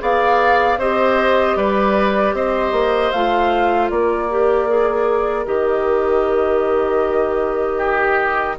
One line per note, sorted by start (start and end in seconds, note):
0.00 0.78 B3
0.00 0.78 G#4
0.00 0.80 D5
0.00 0.81 F5
0.78 1.56 C4
0.78 3.15 G4
0.78 1.57 C5
0.78 1.57 D#5
1.56 2.34 G3
1.56 2.35 B4
1.56 2.35 D5
2.34 2.72 C4
2.34 3.92 C5
2.34 3.12 D#5
2.72 3.11 A#3
3.12 3.91 A3
3.12 4.30 F4
3.12 3.90 F5
3.90 5.46 A#3
3.90 7.78 A#4
3.90 5.46 D5
4.30 4.69 G4
4.69 5.46 G#4
5.46 8.58 D#3
5.46 8.58 G4
5.46 8.58 D#5
7.78 8.56 G4